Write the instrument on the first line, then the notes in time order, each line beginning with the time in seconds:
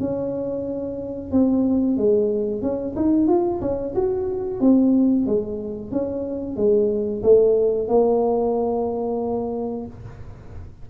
tuba
0.00 C#4
1.32 C4
1.97 G#3
2.62 C#4
2.96 D#4
3.28 F4
3.61 C#4
3.95 F#4
4.61 C4
5.27 G#3
5.92 C#4
6.57 G#3
7.23 A3
7.89 A#3